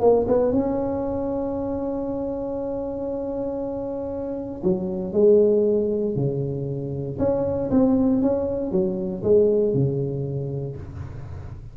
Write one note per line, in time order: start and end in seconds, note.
0.00 0.26 A#3
0.28 0.52 B3
0.52 4.62 C#4
4.63 5.13 F#3
5.13 6.15 G#3
6.15 7.18 C#3
7.18 7.70 C#4
7.70 8.22 C4
8.22 8.71 C#4
8.71 9.23 F#3
9.23 9.74 G#3
9.74 10.76 C#3